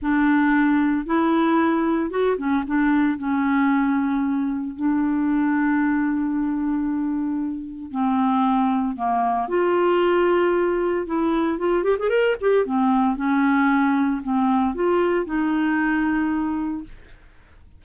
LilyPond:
\new Staff \with { instrumentName = "clarinet" } { \time 4/4 \tempo 4 = 114 d'2 e'2 | fis'8 cis'8 d'4 cis'2~ | cis'4 d'2.~ | d'2. c'4~ |
c'4 ais4 f'2~ | f'4 e'4 f'8 g'16 gis'16 ais'8 g'8 | c'4 cis'2 c'4 | f'4 dis'2. | }